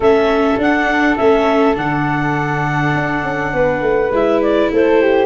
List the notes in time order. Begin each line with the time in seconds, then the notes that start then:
0.00 A3 C#4 A4 E5
0.57 D4 F#5
1.17 A3 C#4 E5
1.75 D3 D4 F#5
2.94 D4
3.23 C#4
3.53 B3 B4
3.81 A3
4.10 G#3 E4 E5
4.41 D5
4.71 A3 A4 C5
5.01 G4